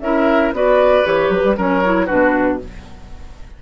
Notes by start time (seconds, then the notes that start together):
0.00 C#4 E4 A#4 E5
0.52 B3 F#4 B4 D5
1.04 E3 G4 C#5
1.29 F#3 B4
1.44 G3
1.56 F#3 C#4 A#4 C#5
1.84 E4
2.06 B2 D4 F#4 B4